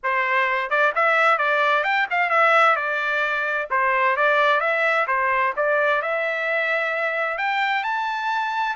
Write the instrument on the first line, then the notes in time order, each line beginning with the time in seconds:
trumpet
0.03 C5
0.69 D5
0.95 E5
1.38 D5
1.83 G5
2.10 F5
2.29 E5
2.75 D5
3.70 C5
4.16 D5
4.60 E5
5.07 C5
5.56 D5
6.02 E5
7.38 G5
7.83 A5